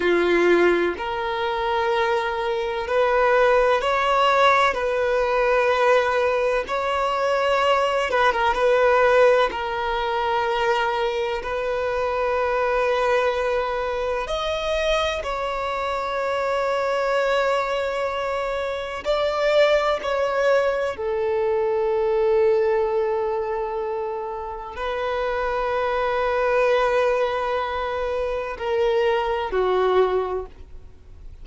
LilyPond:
\new Staff \with { instrumentName = "violin" } { \time 4/4 \tempo 4 = 63 f'4 ais'2 b'4 | cis''4 b'2 cis''4~ | cis''8 b'16 ais'16 b'4 ais'2 | b'2. dis''4 |
cis''1 | d''4 cis''4 a'2~ | a'2 b'2~ | b'2 ais'4 fis'4 | }